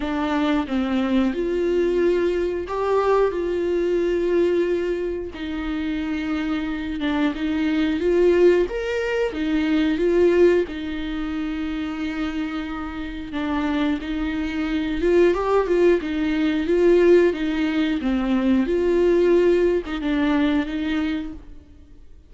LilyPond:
\new Staff \with { instrumentName = "viola" } { \time 4/4 \tempo 4 = 90 d'4 c'4 f'2 | g'4 f'2. | dis'2~ dis'8 d'8 dis'4 | f'4 ais'4 dis'4 f'4 |
dis'1 | d'4 dis'4. f'8 g'8 f'8 | dis'4 f'4 dis'4 c'4 | f'4.~ f'16 dis'16 d'4 dis'4 | }